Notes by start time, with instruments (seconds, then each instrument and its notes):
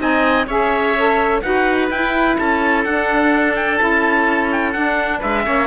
0.00 cello C4, saxophone D#4, oboe D#5, trumpet G#5
0.47 cello C#4, saxophone G#4, oboe C#5, trumpet E5
0.99 saxophone A4
1.42 cello D#4, saxophone F#4, oboe B4, trumpet F#5
1.91 cello E4, saxophone E4, trumpet G5
2.39 cello C#4, oboe A4, trumpet A5
2.85 cello D4, saxophone D4, trumpet F#5
3.56 trumpet G5
3.78 cello C#4, saxophone E4, trumpet A5
4.52 trumpet G5
4.73 cello D4, saxophone D4, trumpet F#5
5.19 cello G#3, oboe B4, trumpet E5
5.44 cello A#3, saxophone C#4, oboe C#5